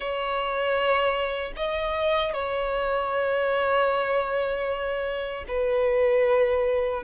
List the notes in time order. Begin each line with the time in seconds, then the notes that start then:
0.00 C#5
1.56 D#5
2.33 C#5
5.48 B4